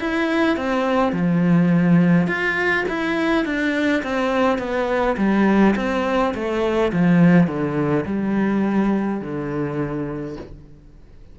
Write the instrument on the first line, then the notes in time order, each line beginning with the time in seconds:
cello
0.00 E4
0.57 C4
1.12 F3
2.27 F4
2.88 E4
3.45 D4
4.03 C4
4.58 B3
5.17 G3
5.76 C4
6.34 A3
6.92 F3
7.47 D3
8.06 G3
9.21 D3